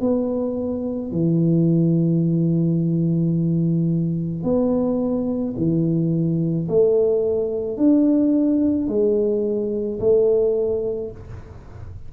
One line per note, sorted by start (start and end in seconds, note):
0.00 1.11 B3
1.11 4.43 E3
4.43 5.54 B3
5.56 6.67 E3
6.68 7.77 A3
7.77 8.88 D4
8.88 9.99 G#3
9.99 11.11 A3